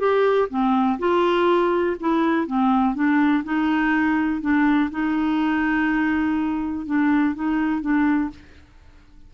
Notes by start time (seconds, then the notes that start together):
0.00 G4
0.50 C4
0.99 F4
2.00 E4
2.47 C4
2.95 D4
3.45 D#4
4.41 D4
4.91 D#4
6.86 D4
7.35 D#4
7.81 D4